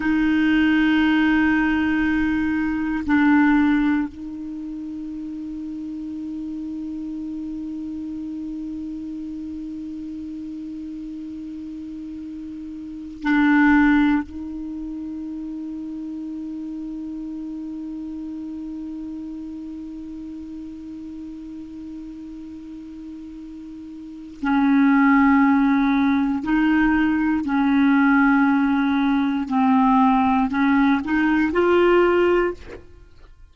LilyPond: \new Staff \with { instrumentName = "clarinet" } { \time 4/4 \tempo 4 = 59 dis'2. d'4 | dis'1~ | dis'1~ | dis'4 d'4 dis'2~ |
dis'1~ | dis'1 | cis'2 dis'4 cis'4~ | cis'4 c'4 cis'8 dis'8 f'4 | }